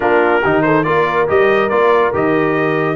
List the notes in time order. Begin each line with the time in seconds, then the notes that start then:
0.00 A#3 D4 F4 A#4
0.41 D#3 D#4 G4
0.62 A4 C5
0.83 A#3 F4 A#4 D5
1.27 G3 G4 D#5
1.69 A#3 F4 D5
2.13 D#3 G4 D#5